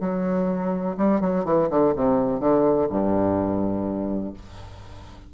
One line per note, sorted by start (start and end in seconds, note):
0.00 0.96 F#3
0.97 1.20 G3
1.20 1.44 F#3
1.45 1.69 E3
1.70 1.94 D3
1.95 2.40 C3
2.40 2.88 D3
2.89 4.33 G2